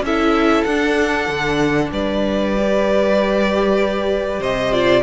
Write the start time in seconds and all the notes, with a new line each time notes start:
0.00 C#4 E4 A4 E5
0.64 D4 F#5
1.28 D3
1.91 G3 B4 D5
2.55 G4
4.39 C3 C5 D#5
4.72 F4 D5